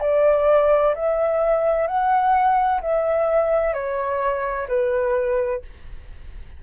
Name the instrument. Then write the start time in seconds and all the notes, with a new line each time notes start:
flute
0.00 D5
0.94 E5
1.87 F#5
2.81 E5
3.73 C#5
4.68 B4